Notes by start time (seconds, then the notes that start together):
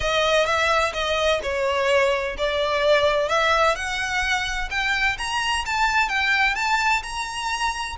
0.00 D#5
0.45 E5
0.93 D#5
1.42 C#5
2.37 D5
3.28 E5
3.75 F#5
4.70 G5
5.18 A#5
5.65 A5
6.09 G5
6.55 A5
7.02 A#5